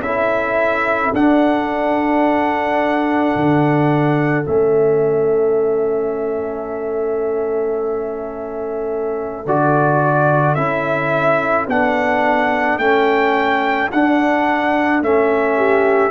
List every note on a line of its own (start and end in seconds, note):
0.00 1.11 C#4
0.00 1.15 E4
0.00 1.14 E5
0.06 15.57 A4
1.13 3.35 D4
1.13 4.45 D4
1.13 4.46 F#5
3.36 4.47 D3
4.45 9.46 A3
4.45 9.45 C#4
4.45 9.46 E5
9.46 10.57 D3
9.46 10.57 F#4
9.46 10.55 D5
10.55 11.67 C#4
10.55 11.68 E4
10.55 11.66 E5
11.67 12.78 B3
11.67 12.81 D4
11.67 12.79 F#5
12.78 13.89 A3
12.78 13.92 C#4
12.78 13.90 G5
13.92 15.01 D4
13.92 15.03 D4
13.92 15.03 F#5
15.01 16.11 A3
15.01 16.11 C#4
15.01 16.11 E5
15.57 16.11 G4